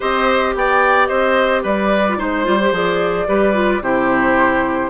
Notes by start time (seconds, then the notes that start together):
0.00 C4 G4 C5 D#5
0.55 B3 D5 G5
1.06 C4 C5 D#5
1.62 G3 B4 D5
2.08 F4
2.17 G#3 D#4 C5
2.44 G3 F4
2.61 G4
2.71 F3 G#4 D5
3.27 G3 G4 B4
3.53 F4
3.81 C3 E4 G4 C5